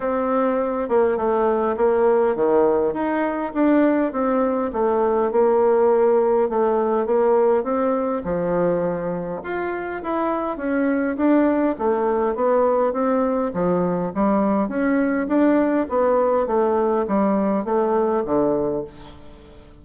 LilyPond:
\new Staff \with { instrumentName = "bassoon" } { \time 4/4 \tempo 4 = 102 c'4. ais8 a4 ais4 | dis4 dis'4 d'4 c'4 | a4 ais2 a4 | ais4 c'4 f2 |
f'4 e'4 cis'4 d'4 | a4 b4 c'4 f4 | g4 cis'4 d'4 b4 | a4 g4 a4 d4 | }